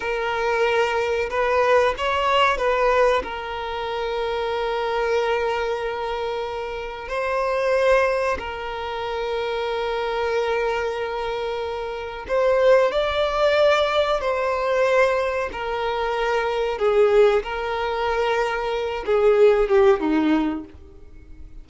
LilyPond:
\new Staff \with { instrumentName = "violin" } { \time 4/4 \tempo 4 = 93 ais'2 b'4 cis''4 | b'4 ais'2.~ | ais'2. c''4~ | c''4 ais'2.~ |
ais'2. c''4 | d''2 c''2 | ais'2 gis'4 ais'4~ | ais'4. gis'4 g'8 dis'4 | }